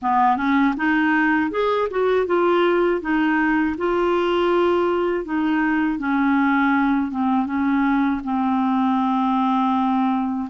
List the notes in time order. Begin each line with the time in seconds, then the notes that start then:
0.02 B3
0.36 C#4
0.76 D#4
1.50 G#4
1.90 F#4
2.26 F4
3.01 D#4
3.77 F4
5.25 D#4
5.99 C#4
7.11 C4
7.46 C#4
8.23 C4